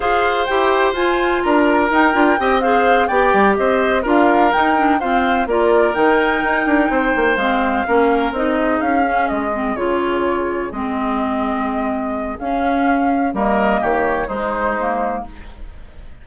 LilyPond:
<<
  \new Staff \with { instrumentName = "flute" } { \time 4/4 \tempo 4 = 126 f''4 g''4 gis''4 ais''4 | g''4. f''4 g''4 dis''8~ | dis''8 f''4 g''4 f''4 d''8~ | d''8 g''2. f''8~ |
f''4. dis''4 f''4 dis''8~ | dis''8 cis''2 dis''4.~ | dis''2 f''2 | dis''4 cis''4 c''2 | }
  \new Staff \with { instrumentName = "oboe" } { \time 4/4 c''2. ais'4~ | ais'4 dis''8 c''4 d''4 c''8~ | c''8 ais'2 c''4 ais'8~ | ais'2~ ais'8 c''4.~ |
c''8 ais'4. gis'2~ | gis'1~ | gis'1 | ais'4 g'4 dis'2 | }
  \new Staff \with { instrumentName = "clarinet" } { \time 4/4 gis'4 g'4 f'2 | dis'8 f'8 g'8 gis'4 g'4.~ | g'8 f'4 dis'8 d'8 c'4 f'8~ | f'8 dis'2. c'8~ |
c'8 cis'4 dis'4. cis'4 | c'8 f'2 c'4.~ | c'2 cis'2 | ais2 gis4 ais4 | }
  \new Staff \with { instrumentName = "bassoon" } { \time 4/4 f'4 e'4 f'4 d'4 | dis'8 d'8 c'4. b8 g8 c'8~ | c'8 d'4 dis'4 f'4 ais8~ | ais8 dis4 dis'8 d'8 c'8 ais8 gis8~ |
gis8 ais4 c'4 cis'4 gis8~ | gis8 cis2 gis4.~ | gis2 cis'2 | g4 dis4 gis2 | }
>>